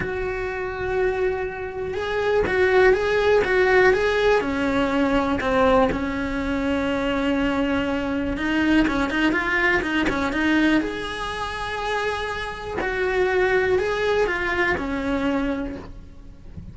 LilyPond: \new Staff \with { instrumentName = "cello" } { \time 4/4 \tempo 4 = 122 fis'1 | gis'4 fis'4 gis'4 fis'4 | gis'4 cis'2 c'4 | cis'1~ |
cis'4 dis'4 cis'8 dis'8 f'4 | dis'8 cis'8 dis'4 gis'2~ | gis'2 fis'2 | gis'4 f'4 cis'2 | }